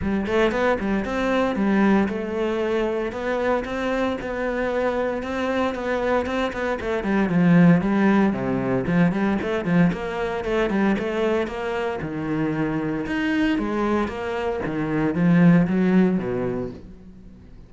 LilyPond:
\new Staff \with { instrumentName = "cello" } { \time 4/4 \tempo 4 = 115 g8 a8 b8 g8 c'4 g4 | a2 b4 c'4 | b2 c'4 b4 | c'8 b8 a8 g8 f4 g4 |
c4 f8 g8 a8 f8 ais4 | a8 g8 a4 ais4 dis4~ | dis4 dis'4 gis4 ais4 | dis4 f4 fis4 b,4 | }